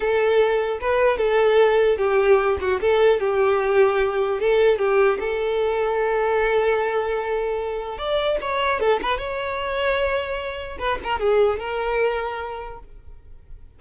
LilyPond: \new Staff \with { instrumentName = "violin" } { \time 4/4 \tempo 4 = 150 a'2 b'4 a'4~ | a'4 g'4. fis'8 a'4 | g'2. a'4 | g'4 a'2.~ |
a'1 | d''4 cis''4 a'8 b'8 cis''4~ | cis''2. b'8 ais'8 | gis'4 ais'2. | }